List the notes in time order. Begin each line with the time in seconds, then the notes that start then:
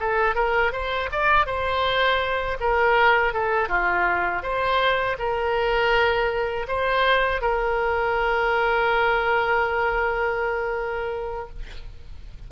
0.00 A4
0.35 A#4
0.73 C5
1.12 D5
1.46 C5
2.61 A#4
3.34 A4
3.69 F4
4.43 C5
5.19 A#4
6.68 C5
7.42 A#4